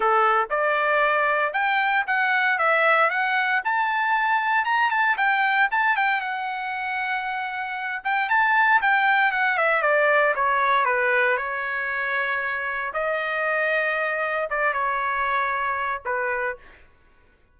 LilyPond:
\new Staff \with { instrumentName = "trumpet" } { \time 4/4 \tempo 4 = 116 a'4 d''2 g''4 | fis''4 e''4 fis''4 a''4~ | a''4 ais''8 a''8 g''4 a''8 g''8 | fis''2.~ fis''8 g''8 |
a''4 g''4 fis''8 e''8 d''4 | cis''4 b'4 cis''2~ | cis''4 dis''2. | d''8 cis''2~ cis''8 b'4 | }